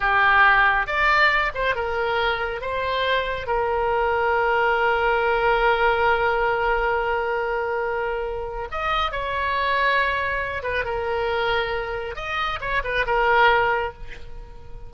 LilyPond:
\new Staff \with { instrumentName = "oboe" } { \time 4/4 \tempo 4 = 138 g'2 d''4. c''8 | ais'2 c''2 | ais'1~ | ais'1~ |
ais'1 | dis''4 cis''2.~ | cis''8 b'8 ais'2. | dis''4 cis''8 b'8 ais'2 | }